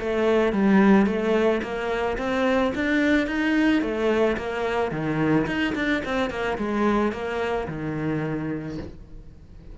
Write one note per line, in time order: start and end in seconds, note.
0.00 0.53 A3
0.53 1.07 G3
1.07 1.62 A3
1.63 2.18 A#3
2.18 2.73 C4
2.75 3.27 D4
3.27 3.82 D#4
3.82 4.37 A3
4.37 4.91 A#3
4.91 5.46 D#3
5.46 5.74 D#4
5.75 6.03 D4
6.05 6.30 C4
6.30 6.58 A#3
6.58 7.12 G#3
7.12 7.67 A#3
7.68 8.78 D#3